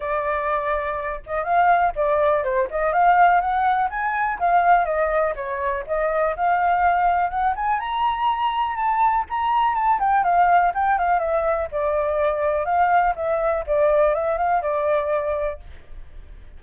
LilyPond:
\new Staff \with { instrumentName = "flute" } { \time 4/4 \tempo 4 = 123 d''2~ d''8 dis''8 f''4 | d''4 c''8 dis''8 f''4 fis''4 | gis''4 f''4 dis''4 cis''4 | dis''4 f''2 fis''8 gis''8 |
ais''2 a''4 ais''4 | a''8 g''8 f''4 g''8 f''8 e''4 | d''2 f''4 e''4 | d''4 e''8 f''8 d''2 | }